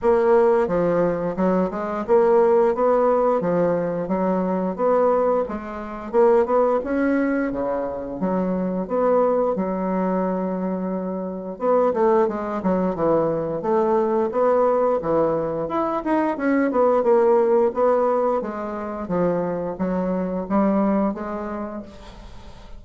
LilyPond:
\new Staff \with { instrumentName = "bassoon" } { \time 4/4 \tempo 4 = 88 ais4 f4 fis8 gis8 ais4 | b4 f4 fis4 b4 | gis4 ais8 b8 cis'4 cis4 | fis4 b4 fis2~ |
fis4 b8 a8 gis8 fis8 e4 | a4 b4 e4 e'8 dis'8 | cis'8 b8 ais4 b4 gis4 | f4 fis4 g4 gis4 | }